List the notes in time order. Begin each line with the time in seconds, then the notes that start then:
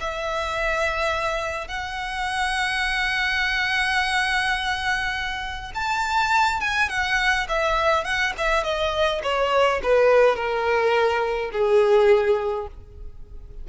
0.00 E5
1.68 F#5
5.74 A5
6.61 G#5
6.89 F#5
7.48 E5
8.04 F#5
8.38 E5
8.64 D#5
9.23 C#5
9.83 B4
10.36 A#4
11.52 G#4